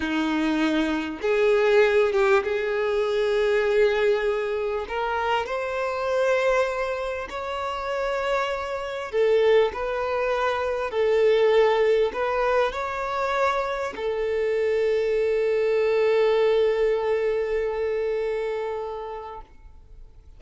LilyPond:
\new Staff \with { instrumentName = "violin" } { \time 4/4 \tempo 4 = 99 dis'2 gis'4. g'8 | gis'1 | ais'4 c''2. | cis''2. a'4 |
b'2 a'2 | b'4 cis''2 a'4~ | a'1~ | a'1 | }